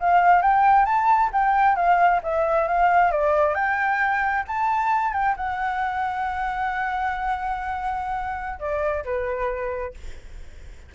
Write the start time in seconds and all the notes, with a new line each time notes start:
0.00 F5
0.42 G5
0.86 A5
1.33 G5
1.76 F5
2.23 E5
2.68 F5
3.12 D5
3.55 G5
4.48 A5
5.14 G5
5.37 F#5
8.60 D5
9.05 B4